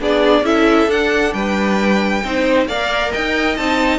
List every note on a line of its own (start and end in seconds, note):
0.00 0.42 B3
0.00 0.44 D4
0.00 0.45 G#4
0.00 0.45 D5
0.42 0.86 C#4
0.42 0.88 E4
0.42 1.34 A4
0.42 0.90 E5
0.87 1.32 D4
0.87 2.22 D4
0.87 1.33 F#5
1.33 2.22 G3
1.33 2.23 B4
1.33 2.67 G5
2.23 2.67 C4
2.23 2.68 D#4
2.23 2.67 C5
2.67 3.11 A#3
2.67 3.57 A#4
2.67 3.11 D5
2.67 3.12 F5
3.11 3.57 D#4
3.11 3.99 D#5
3.11 3.57 G5
3.57 3.99 C4
3.57 3.99 D#4
3.57 3.99 A5